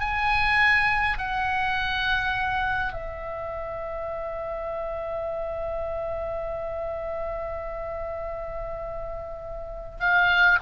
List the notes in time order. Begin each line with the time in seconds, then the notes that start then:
0.00 G#5
1.18 F#5
2.93 E5
10.00 F5